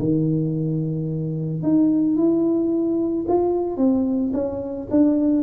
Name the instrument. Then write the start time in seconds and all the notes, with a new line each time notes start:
tuba
0.00 D#3
1.63 D#4
2.17 E4
3.29 F4
3.78 C4
4.34 C#4
4.91 D4